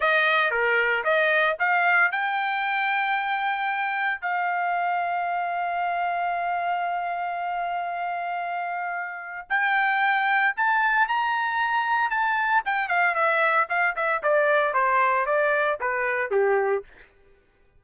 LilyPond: \new Staff \with { instrumentName = "trumpet" } { \time 4/4 \tempo 4 = 114 dis''4 ais'4 dis''4 f''4 | g''1 | f''1~ | f''1~ |
f''2 g''2 | a''4 ais''2 a''4 | g''8 f''8 e''4 f''8 e''8 d''4 | c''4 d''4 b'4 g'4 | }